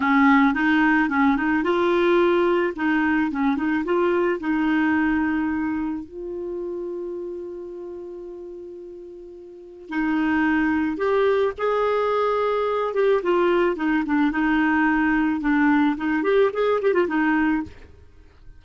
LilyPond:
\new Staff \with { instrumentName = "clarinet" } { \time 4/4 \tempo 4 = 109 cis'4 dis'4 cis'8 dis'8 f'4~ | f'4 dis'4 cis'8 dis'8 f'4 | dis'2. f'4~ | f'1~ |
f'2 dis'2 | g'4 gis'2~ gis'8 g'8 | f'4 dis'8 d'8 dis'2 | d'4 dis'8 g'8 gis'8 g'16 f'16 dis'4 | }